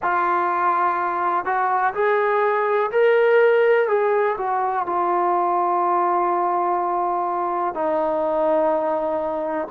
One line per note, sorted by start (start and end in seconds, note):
0.02 1.45 F4
1.45 1.94 F#4
1.94 2.90 G#4
2.91 3.88 A#4
3.88 4.36 G#4
4.37 4.86 F#4
4.86 7.74 F4
7.74 9.68 D#4